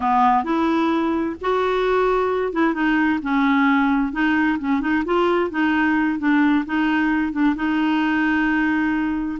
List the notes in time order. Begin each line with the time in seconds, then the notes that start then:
0.00 B3
0.44 E4
1.41 F#4
2.52 E4
2.74 D#4
3.22 C#4
4.12 D#4
4.59 C#4
4.80 D#4
5.05 F4
5.50 D#4
6.19 D4
6.65 D#4
7.32 D4
7.55 D#4